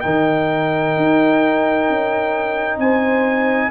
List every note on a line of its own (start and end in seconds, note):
0.00 0.96 D#3
0.00 3.70 D#4
0.00 2.80 A#4
0.00 2.77 G5
0.96 1.88 D#4
1.88 2.78 C#4
2.78 3.70 C4
2.78 3.70 C5
2.78 3.70 G#5